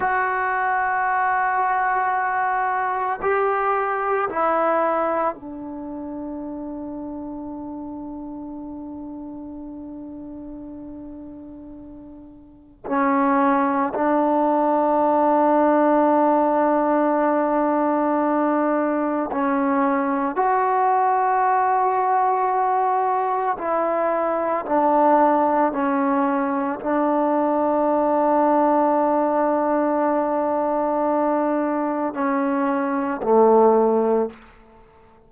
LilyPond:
\new Staff \with { instrumentName = "trombone" } { \time 4/4 \tempo 4 = 56 fis'2. g'4 | e'4 d'2.~ | d'1 | cis'4 d'2.~ |
d'2 cis'4 fis'4~ | fis'2 e'4 d'4 | cis'4 d'2.~ | d'2 cis'4 a4 | }